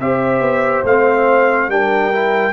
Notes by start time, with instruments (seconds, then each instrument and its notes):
0.00 tuba C4, trombone G4, horn C5, trumpet E5
0.40 tuba B3
0.84 tuba A3, trombone C4, trumpet F5
1.68 tuba G3, trombone D4, horn A#4, trumpet G5
2.13 trombone E4